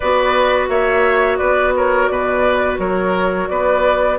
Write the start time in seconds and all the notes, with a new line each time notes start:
0.00 B3 F#4 B4 D5
0.68 A#3 C#5 E5
1.37 B3 B4 D5
1.76 A#4 C#5
2.06 B2 B4 D5
2.78 F#3 A#4 C#5
3.48 B3 B4 D5